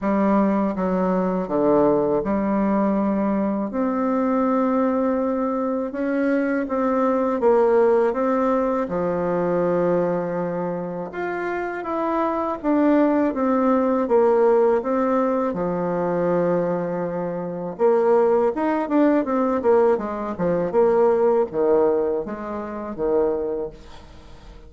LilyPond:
\new Staff \with { instrumentName = "bassoon" } { \time 4/4 \tempo 4 = 81 g4 fis4 d4 g4~ | g4 c'2. | cis'4 c'4 ais4 c'4 | f2. f'4 |
e'4 d'4 c'4 ais4 | c'4 f2. | ais4 dis'8 d'8 c'8 ais8 gis8 f8 | ais4 dis4 gis4 dis4 | }